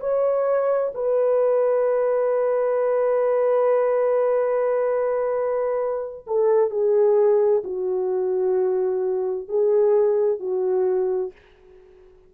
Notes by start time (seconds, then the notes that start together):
0.00 C#5
0.94 B4
6.27 A4
6.70 G#4
7.64 F#4
9.48 G#4
10.39 F#4